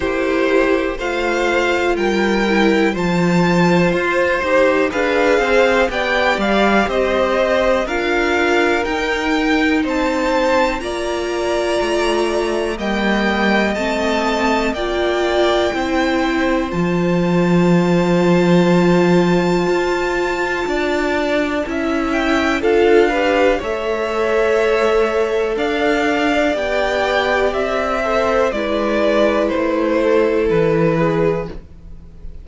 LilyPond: <<
  \new Staff \with { instrumentName = "violin" } { \time 4/4 \tempo 4 = 61 c''4 f''4 g''4 a''4 | c''4 f''4 g''8 f''8 dis''4 | f''4 g''4 a''4 ais''4~ | ais''4 g''4 a''4 g''4~ |
g''4 a''2.~ | a''2~ a''8 g''8 f''4 | e''2 f''4 g''4 | e''4 d''4 c''4 b'4 | }
  \new Staff \with { instrumentName = "violin" } { \time 4/4 g'4 c''4 ais'4 c''4~ | c''4 b'8 c''8 d''4 c''4 | ais'2 c''4 d''4~ | d''4 dis''2 d''4 |
c''1~ | c''4 d''4 e''4 a'8 b'8 | cis''2 d''2~ | d''8 c''8 b'4. a'4 gis'8 | }
  \new Staff \with { instrumentName = "viola" } { \time 4/4 e'4 f'4. e'8 f'4~ | f'8 g'8 gis'4 g'2 | f'4 dis'2 f'4~ | f'4 ais4 c'4 f'4 |
e'4 f'2.~ | f'2 e'4 f'8 g'8 | a'2. g'4~ | g'8 a'8 e'2. | }
  \new Staff \with { instrumentName = "cello" } { \time 4/4 ais4 a4 g4 f4 | f'8 dis'8 d'8 c'8 b8 g8 c'4 | d'4 dis'4 c'4 ais4 | a4 g4 a4 ais4 |
c'4 f2. | f'4 d'4 cis'4 d'4 | a2 d'4 b4 | c'4 gis4 a4 e4 | }
>>